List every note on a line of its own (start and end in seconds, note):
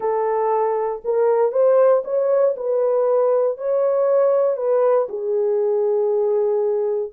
0.00 1.02 A4
1.04 1.51 A#4
1.51 2.02 C5
2.04 2.55 C#5
2.56 3.57 B4
3.57 4.56 C#5
4.56 5.07 B4
5.08 7.12 G#4